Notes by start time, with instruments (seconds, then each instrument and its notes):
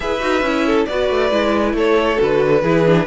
0.00 cello E4, viola G#4, violin B4 E5
0.20 cello D#4, viola F#4
0.41 cello C#4, viola E4
0.66 violin A4
0.85 cello B3, viola F#4, violin B4 D5
1.10 cello A3
1.31 cello G#3, viola E4
1.73 cello A3, violin A4 C#5
2.16 cello D3, viola F#4
2.22 violin B4
2.62 cello E3, viola E4, violin G#4
2.85 viola D4